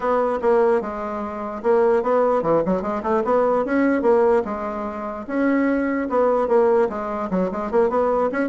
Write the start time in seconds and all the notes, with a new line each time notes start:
0.00 B3
0.41 A#3
0.81 G#3
1.62 A#3
2.03 B3
2.42 E3
2.65 F#3
2.82 G#3
3.02 A3
3.24 B3
3.65 C#4
4.02 A#3
4.45 G#3
5.27 C#4
6.09 B3
6.48 A#3
6.89 G#3
7.30 F#3
7.51 G#3
7.71 A#3
7.89 B3
8.32 C#4